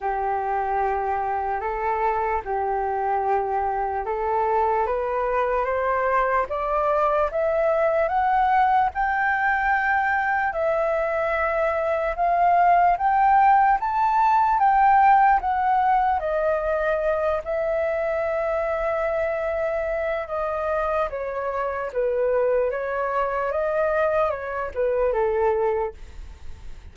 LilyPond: \new Staff \with { instrumentName = "flute" } { \time 4/4 \tempo 4 = 74 g'2 a'4 g'4~ | g'4 a'4 b'4 c''4 | d''4 e''4 fis''4 g''4~ | g''4 e''2 f''4 |
g''4 a''4 g''4 fis''4 | dis''4. e''2~ e''8~ | e''4 dis''4 cis''4 b'4 | cis''4 dis''4 cis''8 b'8 a'4 | }